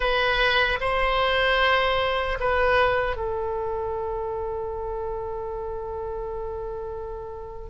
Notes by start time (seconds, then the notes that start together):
0.00 B4
0.80 C5
2.39 B4
3.16 A4